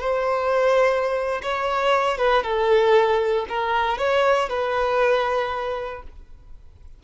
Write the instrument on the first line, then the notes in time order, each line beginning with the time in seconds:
violin
0.00 C5
1.42 C#5
2.18 B4
2.43 A4
3.49 A#4
3.98 C#5
4.49 B4